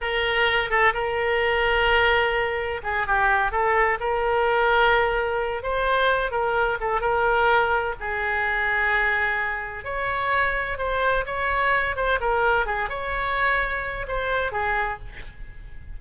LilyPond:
\new Staff \with { instrumentName = "oboe" } { \time 4/4 \tempo 4 = 128 ais'4. a'8 ais'2~ | ais'2 gis'8 g'4 a'8~ | a'8 ais'2.~ ais'8 | c''4. ais'4 a'8 ais'4~ |
ais'4 gis'2.~ | gis'4 cis''2 c''4 | cis''4. c''8 ais'4 gis'8 cis''8~ | cis''2 c''4 gis'4 | }